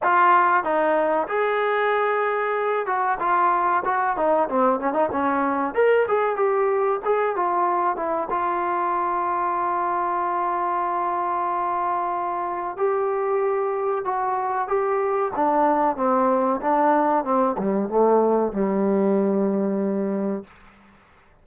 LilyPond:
\new Staff \with { instrumentName = "trombone" } { \time 4/4 \tempo 4 = 94 f'4 dis'4 gis'2~ | gis'8 fis'8 f'4 fis'8 dis'8 c'8 cis'16 dis'16 | cis'4 ais'8 gis'8 g'4 gis'8 f'8~ | f'8 e'8 f'2.~ |
f'1 | g'2 fis'4 g'4 | d'4 c'4 d'4 c'8 g8 | a4 g2. | }